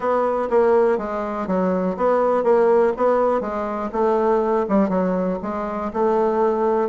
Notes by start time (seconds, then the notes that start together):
0.00 B3
0.50 A#3
0.98 G#3
1.47 F#3
1.96 B3
2.43 A#3
2.96 B3
3.40 G#3
3.92 A3
4.68 G3
4.89 F#3
5.42 G#3
5.93 A3